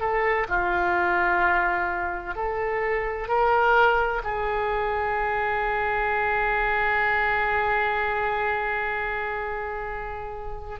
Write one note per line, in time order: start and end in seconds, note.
0.00 0.47 A4
0.48 2.35 F4
2.35 3.28 A4
3.28 4.22 A#4
4.23 10.79 G#4